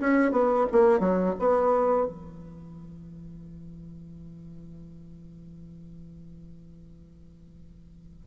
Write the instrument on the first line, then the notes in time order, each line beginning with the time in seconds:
bassoon
0.00 C#4
0.32 B3
0.72 A#3
1.00 F#3
1.39 B3
2.06 E3